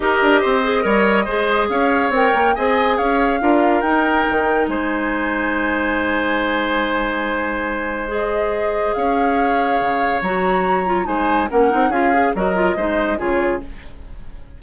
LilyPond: <<
  \new Staff \with { instrumentName = "flute" } { \time 4/4 \tempo 4 = 141 dis''1 | f''4 g''4 gis''4 f''4~ | f''4 g''2 gis''4~ | gis''1~ |
gis''2. dis''4~ | dis''4 f''2. | ais''2 gis''4 fis''4 | f''4 dis''2 cis''4 | }
  \new Staff \with { instrumentName = "oboe" } { \time 4/4 ais'4 c''4 cis''4 c''4 | cis''2 dis''4 cis''4 | ais'2. c''4~ | c''1~ |
c''1~ | c''4 cis''2.~ | cis''2 c''4 ais'4 | gis'4 ais'4 c''4 gis'4 | }
  \new Staff \with { instrumentName = "clarinet" } { \time 4/4 g'4. gis'8 ais'4 gis'4~ | gis'4 ais'4 gis'2 | f'4 dis'2.~ | dis'1~ |
dis'2. gis'4~ | gis'1 | fis'4. f'8 dis'4 cis'8 dis'8 | f'8 gis'8 fis'8 f'8 dis'4 f'4 | }
  \new Staff \with { instrumentName = "bassoon" } { \time 4/4 dis'8 d'8 c'4 g4 gis4 | cis'4 c'8 ais8 c'4 cis'4 | d'4 dis'4 dis4 gis4~ | gis1~ |
gis1~ | gis4 cis'2 cis4 | fis2 gis4 ais8 c'8 | cis'4 fis4 gis4 cis4 | }
>>